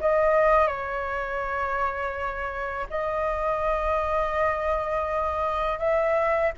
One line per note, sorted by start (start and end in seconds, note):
0.00 0.67 D#5
0.67 2.87 C#5
2.90 5.79 D#5
5.79 6.52 E5